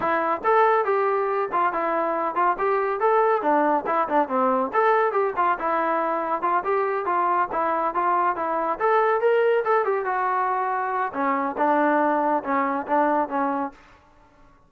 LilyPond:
\new Staff \with { instrumentName = "trombone" } { \time 4/4 \tempo 4 = 140 e'4 a'4 g'4. f'8 | e'4. f'8 g'4 a'4 | d'4 e'8 d'8 c'4 a'4 | g'8 f'8 e'2 f'8 g'8~ |
g'8 f'4 e'4 f'4 e'8~ | e'8 a'4 ais'4 a'8 g'8 fis'8~ | fis'2 cis'4 d'4~ | d'4 cis'4 d'4 cis'4 | }